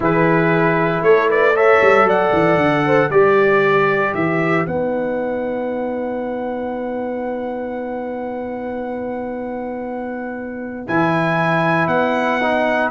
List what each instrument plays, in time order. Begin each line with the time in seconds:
0.00 tuba E3, trombone E4, horn G#4, trumpet B4
1.01 tuba A3, horn A4, trumpet C#5
1.29 horn B4, trumpet D5
1.54 trombone A4, horn C#5, trumpet E5
1.81 tuba G3
2.04 tuba F#3, horn D5, trumpet F#5
2.32 tuba E3
2.56 tuba D3
2.86 horn C5
3.09 tuba G3, trombone G4, horn B4, trumpet D5
4.14 tuba E3, trumpet E5
4.66 tuba B3, trombone D#4, trumpet F#5
10.87 tuba E3, trombone E4, trumpet G#5
11.87 tuba B3, trumpet F#5
12.41 trombone D#4